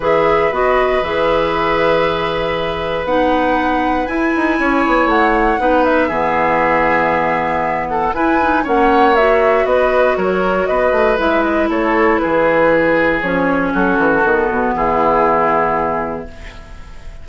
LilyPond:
<<
  \new Staff \with { instrumentName = "flute" } { \time 4/4 \tempo 4 = 118 e''4 dis''4 e''2~ | e''2 fis''2 | gis''2 fis''4. e''8~ | e''2.~ e''8 fis''8 |
gis''4 fis''4 e''4 dis''4 | cis''4 dis''4 e''8 dis''8 cis''4 | b'2 cis''4 a'4~ | a'4 gis'2. | }
  \new Staff \with { instrumentName = "oboe" } { \time 4/4 b'1~ | b'1~ | b'4 cis''2 b'4 | gis'2.~ gis'8 a'8 |
b'4 cis''2 b'4 | ais'4 b'2 a'4 | gis'2. fis'4~ | fis'4 e'2. | }
  \new Staff \with { instrumentName = "clarinet" } { \time 4/4 gis'4 fis'4 gis'2~ | gis'2 dis'2 | e'2. dis'4 | b1 |
e'8 dis'8 cis'4 fis'2~ | fis'2 e'2~ | e'2 cis'2 | b1 | }
  \new Staff \with { instrumentName = "bassoon" } { \time 4/4 e4 b4 e2~ | e2 b2 | e'8 dis'8 cis'8 b8 a4 b4 | e1 |
e'4 ais2 b4 | fis4 b8 a8 gis4 a4 | e2 f4 fis8 e8 | dis8 b,8 e2. | }
>>